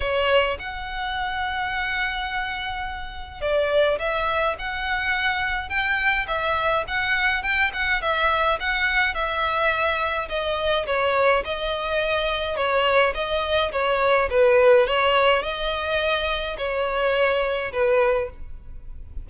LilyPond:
\new Staff \with { instrumentName = "violin" } { \time 4/4 \tempo 4 = 105 cis''4 fis''2.~ | fis''2 d''4 e''4 | fis''2 g''4 e''4 | fis''4 g''8 fis''8 e''4 fis''4 |
e''2 dis''4 cis''4 | dis''2 cis''4 dis''4 | cis''4 b'4 cis''4 dis''4~ | dis''4 cis''2 b'4 | }